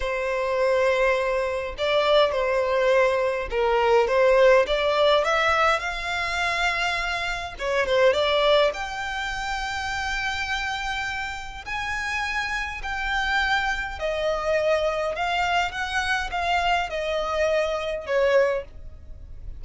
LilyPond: \new Staff \with { instrumentName = "violin" } { \time 4/4 \tempo 4 = 103 c''2. d''4 | c''2 ais'4 c''4 | d''4 e''4 f''2~ | f''4 cis''8 c''8 d''4 g''4~ |
g''1 | gis''2 g''2 | dis''2 f''4 fis''4 | f''4 dis''2 cis''4 | }